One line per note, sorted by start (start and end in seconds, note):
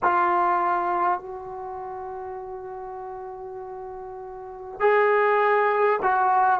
0.02 1.20 F4
1.20 4.79 F#4
4.79 5.99 G#4
6.02 6.59 F#4